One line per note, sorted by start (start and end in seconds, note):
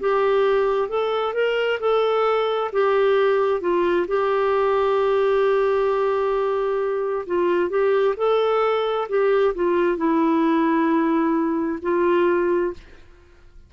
0.00 0.89 G4
0.89 1.33 A4
1.33 1.79 A#4
1.80 2.71 A4
2.72 3.61 G4
3.61 4.06 F4
4.07 7.26 G4
7.26 7.69 F4
7.69 8.15 G4
8.17 9.08 A4
9.09 9.55 G4
9.55 9.97 F4
9.97 11.79 E4
11.82 12.73 F4